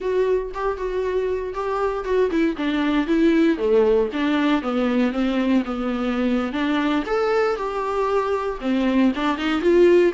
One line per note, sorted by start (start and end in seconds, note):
0.00 0.52 F#4
0.54 0.77 G4
0.77 1.54 F#4
1.54 2.04 G4
2.04 2.30 F#4
2.30 2.55 E4
2.56 3.06 D4
3.06 3.57 E4
3.57 4.08 A3
4.12 4.62 D4
4.62 5.11 B3
5.11 5.63 C4
5.65 6.52 B3
6.52 7.03 D4
7.06 7.56 A4
7.56 8.59 G4
8.60 9.12 C4
9.15 9.37 D4
9.37 9.61 D#4
9.61 10.12 F4